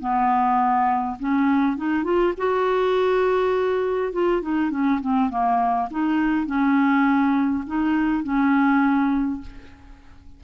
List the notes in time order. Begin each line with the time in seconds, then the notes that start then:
0.00 B3
1.20 C#4
1.77 D#4
2.04 F4
2.37 F#4
4.13 F4
4.42 D#4
4.71 C#4
5.01 C4
5.30 A#3
5.91 D#4
6.47 C#4
7.67 D#4
8.24 C#4